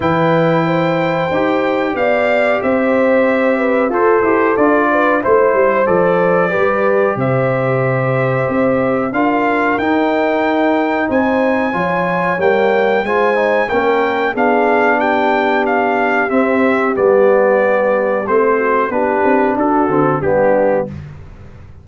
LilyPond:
<<
  \new Staff \with { instrumentName = "trumpet" } { \time 4/4 \tempo 4 = 92 g''2. f''4 | e''2 c''4 d''4 | c''4 d''2 e''4~ | e''2 f''4 g''4~ |
g''4 gis''2 g''4 | gis''4 g''4 f''4 g''4 | f''4 e''4 d''2 | c''4 b'4 a'4 g'4 | }
  \new Staff \with { instrumentName = "horn" } { \time 4/4 b'4 c''2 d''4 | c''4. b'8 a'4. b'8 | c''2 b'4 c''4~ | c''2 ais'2~ |
ais'4 c''4 cis''2 | c''4 ais'4 gis'4 g'4~ | g'1~ | g'8 fis'8 g'4 fis'4 d'4 | }
  \new Staff \with { instrumentName = "trombone" } { \time 4/4 e'2 g'2~ | g'2 a'8 g'8 f'4 | e'4 a'4 g'2~ | g'2 f'4 dis'4~ |
dis'2 f'4 ais4 | f'8 dis'8 cis'4 d'2~ | d'4 c'4 b2 | c'4 d'4. c'8 b4 | }
  \new Staff \with { instrumentName = "tuba" } { \time 4/4 e2 dis'4 b4 | c'2 f'8 e'8 d'4 | a8 g8 f4 g4 c4~ | c4 c'4 d'4 dis'4~ |
dis'4 c'4 f4 g4 | gis4 ais4 b2~ | b4 c'4 g2 | a4 b8 c'8 d'8 d8 g4 | }
>>